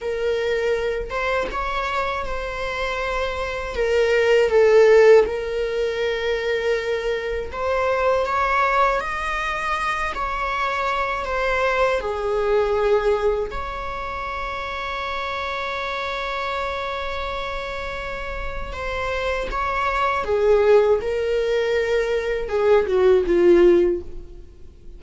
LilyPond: \new Staff \with { instrumentName = "viola" } { \time 4/4 \tempo 4 = 80 ais'4. c''8 cis''4 c''4~ | c''4 ais'4 a'4 ais'4~ | ais'2 c''4 cis''4 | dis''4. cis''4. c''4 |
gis'2 cis''2~ | cis''1~ | cis''4 c''4 cis''4 gis'4 | ais'2 gis'8 fis'8 f'4 | }